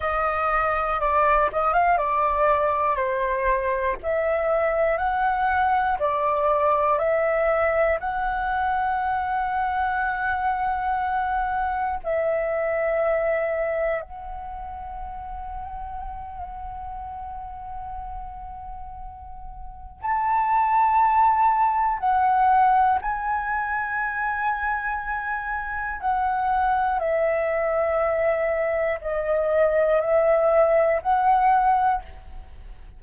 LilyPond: \new Staff \with { instrumentName = "flute" } { \time 4/4 \tempo 4 = 60 dis''4 d''8 dis''16 f''16 d''4 c''4 | e''4 fis''4 d''4 e''4 | fis''1 | e''2 fis''2~ |
fis''1 | a''2 fis''4 gis''4~ | gis''2 fis''4 e''4~ | e''4 dis''4 e''4 fis''4 | }